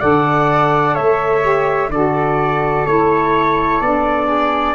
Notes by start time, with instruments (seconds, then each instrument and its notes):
0.00 tuba D3, saxophone A4, flute D5, trumpet F#5
0.95 tuba A3, flute C#5, trumpet E5
1.42 saxophone G4
1.89 tuba D3, saxophone F#4, flute A4, trumpet D5
2.87 tuba A3, saxophone E4, trumpet C#5
3.81 tuba B3, saxophone D4, trumpet D5
4.27 flute G#4